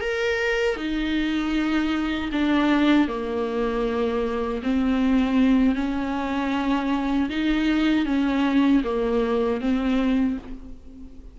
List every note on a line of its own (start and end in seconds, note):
0.00 0.76 A#4
0.76 2.30 D#4
2.32 3.08 D4
3.08 4.62 A#3
4.63 5.75 C4
5.75 7.29 C#4
7.29 8.05 D#4
8.05 8.82 C#4
8.84 9.61 A#3
9.61 10.38 C4